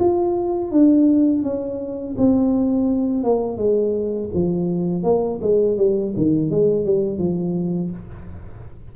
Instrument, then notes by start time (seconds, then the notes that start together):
tuba
0.00 F4
0.72 D4
1.43 C#4
2.18 C4
3.24 A#3
3.58 G#3
4.34 F3
5.03 A#3
5.42 G#3
5.78 G3
6.16 D#3
6.51 G#3
6.85 G3
7.19 F3